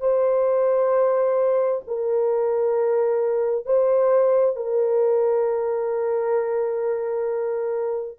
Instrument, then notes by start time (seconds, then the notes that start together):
horn
0.00 C5
1.87 A#4
3.66 C5
4.56 A#4